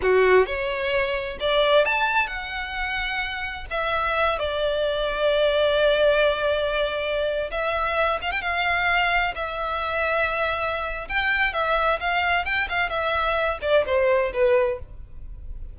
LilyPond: \new Staff \with { instrumentName = "violin" } { \time 4/4 \tempo 4 = 130 fis'4 cis''2 d''4 | a''4 fis''2. | e''4. d''2~ d''8~ | d''1~ |
d''16 e''4. f''16 g''16 f''4.~ f''16~ | f''16 e''2.~ e''8. | g''4 e''4 f''4 g''8 f''8 | e''4. d''8 c''4 b'4 | }